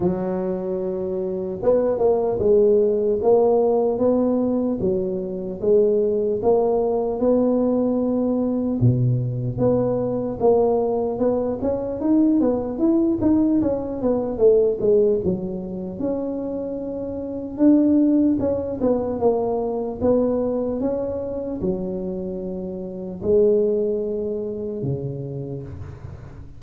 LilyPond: \new Staff \with { instrumentName = "tuba" } { \time 4/4 \tempo 4 = 75 fis2 b8 ais8 gis4 | ais4 b4 fis4 gis4 | ais4 b2 b,4 | b4 ais4 b8 cis'8 dis'8 b8 |
e'8 dis'8 cis'8 b8 a8 gis8 fis4 | cis'2 d'4 cis'8 b8 | ais4 b4 cis'4 fis4~ | fis4 gis2 cis4 | }